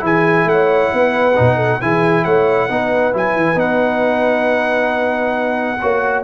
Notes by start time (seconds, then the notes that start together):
0.00 E3 E4 G#4
0.06 G#5
0.46 A3 C#5 F#5
0.94 B3 B4
1.36 B2 D#4
1.57 A4
1.82 E3 E4 G#4 G#5
2.25 A3 C#5 F#5
2.70 B3 D#4 B4
3.13 F#3 E4 G#5
3.36 E3
3.56 B3 D#4 F#5
5.81 A#3 F#4 C#5